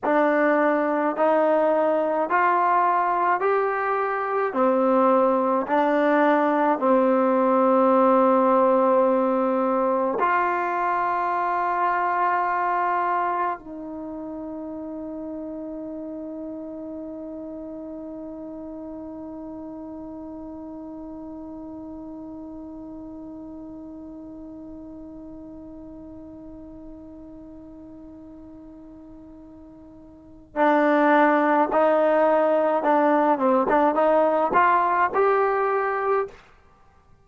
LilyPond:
\new Staff \with { instrumentName = "trombone" } { \time 4/4 \tempo 4 = 53 d'4 dis'4 f'4 g'4 | c'4 d'4 c'2~ | c'4 f'2. | dis'1~ |
dis'1~ | dis'1~ | dis'2. d'4 | dis'4 d'8 c'16 d'16 dis'8 f'8 g'4 | }